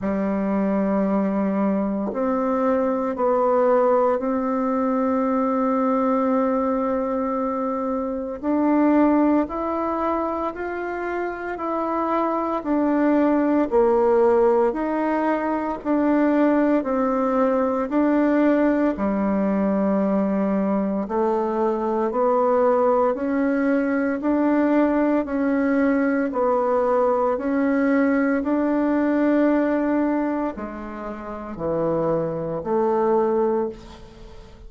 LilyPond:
\new Staff \with { instrumentName = "bassoon" } { \time 4/4 \tempo 4 = 57 g2 c'4 b4 | c'1 | d'4 e'4 f'4 e'4 | d'4 ais4 dis'4 d'4 |
c'4 d'4 g2 | a4 b4 cis'4 d'4 | cis'4 b4 cis'4 d'4~ | d'4 gis4 e4 a4 | }